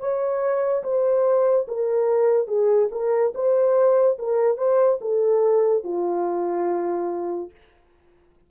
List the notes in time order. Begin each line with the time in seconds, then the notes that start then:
0.00 C#5
0.84 C5
1.68 A#4
2.48 G#4
2.92 A#4
3.35 C5
4.19 A#4
4.58 C5
5.02 A4
5.84 F4